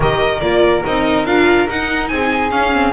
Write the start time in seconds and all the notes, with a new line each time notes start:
0.00 D#3 G4 A#4 D#5
0.40 A#3 F4 D5
0.85 C4 D#4 D#5
1.25 D4 F4 F5
1.68 D#4 F#5
2.08 C4 G#4 G#5
2.50 C#4 F5
2.73 C4